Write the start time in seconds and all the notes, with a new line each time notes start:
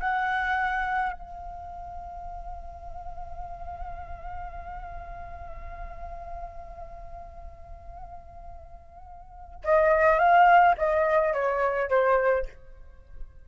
0.00 F#5
1.13 F5
9.64 D#5
10.19 F5
10.78 D#5
11.33 C#5
11.90 C5